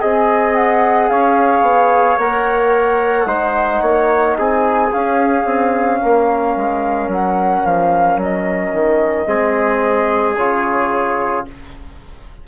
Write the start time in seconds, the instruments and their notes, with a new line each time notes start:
0.00 bassoon C4, trombone G#4, trumpet D#5, flute G#5
0.55 flute F#5
1.09 bassoon C#4, trumpet C#5, flute F5
1.62 bassoon B3
2.18 bassoon A#3, trombone A#4, flute F#5
3.26 bassoon G#3, trombone D#4, trumpet C5
3.82 bassoon A#3, trumpet C#5
4.38 bassoon C4, trumpet G#4, flute G#5
4.93 bassoon C#4, trombone C#4, flute F5
5.45 bassoon C4
6.01 bassoon A#3, trumpet A#4
6.56 bassoon G#3
7.08 bassoon F#3, flute F#5
7.65 bassoon F3, flute F5
8.17 bassoon F#3, flute D#5
8.73 bassoon D#3
9.27 bassoon G#3, trombone C4, trumpet G#4
10.36 bassoon C#3, trombone F4, flute C#5